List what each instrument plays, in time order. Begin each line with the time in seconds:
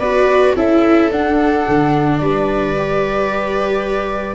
0.00 tuba B3, viola F#4 B4, flute D5
0.56 tuba C#4, viola E4 A4, flute E5
1.11 tuba D4, viola D4, flute F#5
1.68 tuba D3
2.18 tuba G3, viola B4, flute D5
2.77 viola G4